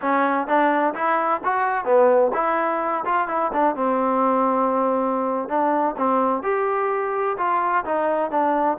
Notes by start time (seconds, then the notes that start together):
0.01 C#4
0.47 D4
0.94 E4
1.44 F#4
1.84 B3
2.33 E4
3.05 F4
3.28 E4
3.52 D4
3.75 C4
5.48 D4
5.97 C4
6.43 G4
7.37 F4
7.84 D#4
8.30 D4